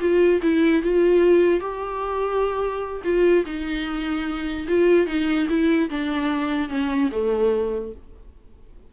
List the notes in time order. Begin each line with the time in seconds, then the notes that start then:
0.00 F4
0.42 E4
0.82 F4
1.60 G4
3.04 F4
3.45 D#4
4.68 F4
5.07 D#4
5.49 E4
5.90 D4
6.69 C#4
7.11 A3